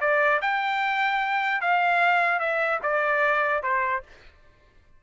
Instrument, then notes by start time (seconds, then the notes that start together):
trumpet
0.00 D5
0.41 G5
1.61 F5
2.39 E5
2.83 D5
3.63 C5